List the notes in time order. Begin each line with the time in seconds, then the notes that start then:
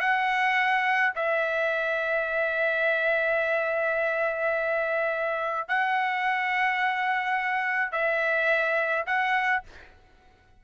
0.00 F#5
1.15 E5
5.68 F#5
7.92 E5
9.06 F#5